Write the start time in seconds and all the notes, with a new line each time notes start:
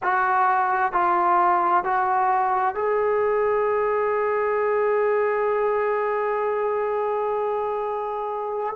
0.03 F#4
0.92 F4
1.83 F#4
2.74 G#4